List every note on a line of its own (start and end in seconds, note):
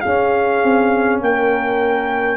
0.00 0.62 C#4
0.00 2.37 C#4
0.00 1.20 G#4
0.00 1.18 F5
0.62 1.21 C4
1.21 2.37 A#3
1.21 2.37 A#4
1.21 2.37 G5